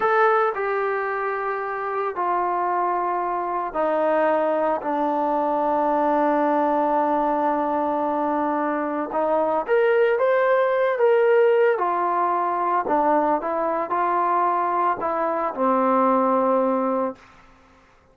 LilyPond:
\new Staff \with { instrumentName = "trombone" } { \time 4/4 \tempo 4 = 112 a'4 g'2. | f'2. dis'4~ | dis'4 d'2.~ | d'1~ |
d'4 dis'4 ais'4 c''4~ | c''8 ais'4. f'2 | d'4 e'4 f'2 | e'4 c'2. | }